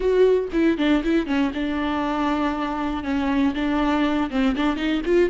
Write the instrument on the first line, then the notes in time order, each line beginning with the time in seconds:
viola
0.00 F#4
0.52 E4
0.77 D4
1.03 E4
1.26 C#4
1.54 D4
3.03 C#4
3.54 D4
4.30 C4
4.56 D4
4.76 D#4
5.05 F4